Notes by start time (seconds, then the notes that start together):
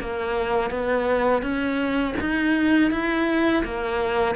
0.00 A#3
0.70 B3
1.42 C#4
2.20 D#4
2.91 E4
3.64 A#3